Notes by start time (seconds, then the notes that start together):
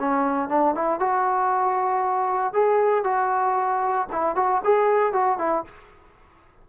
0.00 C#4
0.49 D4
0.75 E4
1.00 F#4
2.53 G#4
3.04 F#4
4.12 E4
4.36 F#4
4.65 G#4
5.13 F#4
5.39 E4